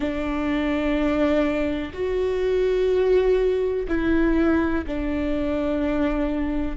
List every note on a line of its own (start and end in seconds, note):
0.00 1.92 D4
1.93 3.87 F#4
3.88 4.84 E4
4.87 6.76 D4